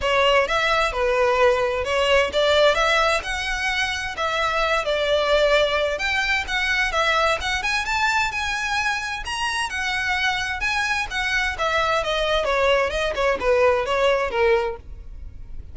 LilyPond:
\new Staff \with { instrumentName = "violin" } { \time 4/4 \tempo 4 = 130 cis''4 e''4 b'2 | cis''4 d''4 e''4 fis''4~ | fis''4 e''4. d''4.~ | d''4 g''4 fis''4 e''4 |
fis''8 gis''8 a''4 gis''2 | ais''4 fis''2 gis''4 | fis''4 e''4 dis''4 cis''4 | dis''8 cis''8 b'4 cis''4 ais'4 | }